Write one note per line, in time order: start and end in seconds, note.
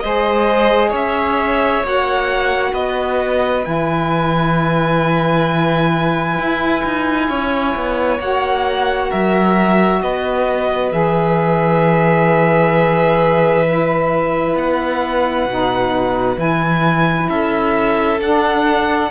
0.00 0.93 G#3
0.00 1.83 G#4
0.00 0.89 C5
0.00 0.91 D#5
0.89 1.83 C#4
0.89 2.71 C#5
0.95 1.86 E5
1.83 2.73 A#3
1.83 3.63 F#4
1.83 2.74 F#5
2.73 3.64 B3
2.73 7.28 B4
2.73 3.65 D#5
3.63 6.38 E3
3.63 8.18 E4
3.63 8.20 G#5
6.38 6.84 E4
6.84 7.30 D#4
7.29 7.75 C#4
7.29 9.09 C#5
7.75 8.20 B3
8.20 9.10 A#3
8.20 10.92 F#4
8.20 9.12 F#5
9.09 10.02 F#3
9.09 10.00 A#4
9.09 10.02 E5
10.02 10.92 B3
10.02 17.29 B4
10.02 10.92 D#5
10.92 14.55 E3
10.92 13.64 G#4
10.92 14.56 E5
13.66 15.48 E4
14.55 15.46 B3
14.55 16.39 F#5
15.46 16.37 B2
15.46 16.36 D#4
16.36 17.28 E3
16.36 18.18 E4
16.36 17.29 G#5
17.29 18.20 C#4
17.29 19.10 A4
17.29 18.20 E5
18.20 19.11 D4
18.20 19.11 F#5